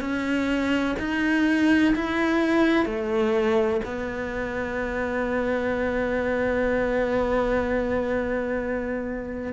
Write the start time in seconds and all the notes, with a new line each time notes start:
0.00 C#4
0.99 D#4
1.95 E4
2.85 A3
3.84 B3